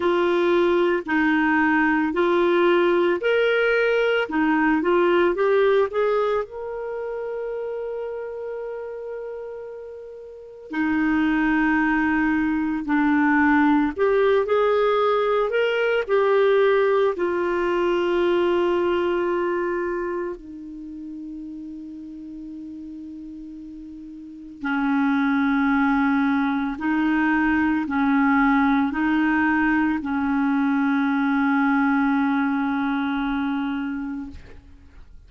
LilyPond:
\new Staff \with { instrumentName = "clarinet" } { \time 4/4 \tempo 4 = 56 f'4 dis'4 f'4 ais'4 | dis'8 f'8 g'8 gis'8 ais'2~ | ais'2 dis'2 | d'4 g'8 gis'4 ais'8 g'4 |
f'2. dis'4~ | dis'2. cis'4~ | cis'4 dis'4 cis'4 dis'4 | cis'1 | }